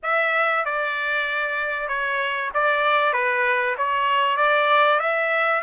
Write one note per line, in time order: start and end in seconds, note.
0.02 0.65 E5
0.65 1.88 D5
1.88 2.50 C#5
2.54 3.13 D5
3.13 3.75 B4
3.77 4.37 C#5
4.37 4.99 D5
4.99 5.62 E5